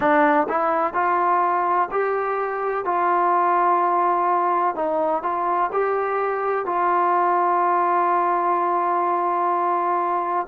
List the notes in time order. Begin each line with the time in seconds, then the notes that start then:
0.00 D4
0.48 E4
0.93 F4
1.90 G4
2.84 F4
4.74 D#4
5.23 F4
5.72 G4
6.65 F4